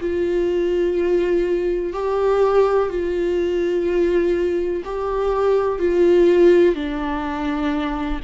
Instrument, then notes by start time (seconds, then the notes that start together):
viola
0.00 F4
1.93 G4
2.89 F4
4.84 G4
5.79 F4
6.75 D4